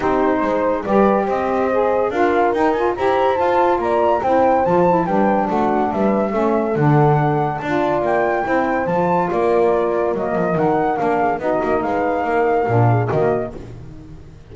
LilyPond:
<<
  \new Staff \with { instrumentName = "flute" } { \time 4/4 \tempo 4 = 142 c''2 d''4 dis''4~ | dis''4 f''4 g''8 gis''8 ais''4 | a''4 ais''4 g''4 a''4 | g''4 fis''4 e''2 |
fis''2 a''4 g''4~ | g''4 a''4 d''2 | dis''4 fis''4 f''4 dis''4 | f''2. dis''4 | }
  \new Staff \with { instrumentName = "horn" } { \time 4/4 g'4 c''4 b'4 c''4~ | c''4 ais'2 c''4~ | c''4 d''4 c''2 | b'4 fis'4 b'4 a'4~ |
a'2 d''2 | c''2 ais'2~ | ais'2~ ais'8 gis'8 fis'4 | b'4 ais'4. gis'8 fis'4 | }
  \new Staff \with { instrumentName = "saxophone" } { \time 4/4 dis'2 g'2 | gis'4 f'4 dis'8 f'8 g'4 | f'2 e'4 f'8 e'8 | d'2. cis'4 |
d'2 f'2 | e'4 f'2. | ais4 dis'4 d'4 dis'4~ | dis'2 d'4 ais4 | }
  \new Staff \with { instrumentName = "double bass" } { \time 4/4 c'4 gis4 g4 c'4~ | c'4 d'4 dis'4 e'4 | f'4 ais4 c'4 f4 | g4 a4 g4 a4 |
d2 d'4 ais4 | c'4 f4 ais2 | fis8 f8 dis4 ais4 b8 ais8 | gis4 ais4 ais,4 dis4 | }
>>